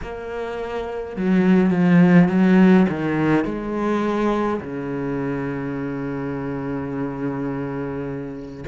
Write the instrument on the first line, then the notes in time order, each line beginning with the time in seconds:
cello
0.02 A#3
1.16 F#3
1.70 F3
2.28 F#3
2.89 D#3
3.45 G#3
4.60 C#3